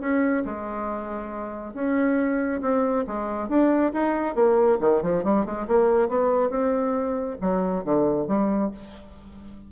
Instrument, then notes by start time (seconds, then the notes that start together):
bassoon
0.00 C#4
0.45 G#3
1.74 C#4
2.61 C4
3.07 G#3
3.48 D4
3.93 D#4
4.35 A#3
4.80 D#3
5.02 F3
5.24 G3
5.45 G#3
5.67 A#3
6.09 B3
6.50 C4
7.41 F#3
7.84 D3
8.27 G3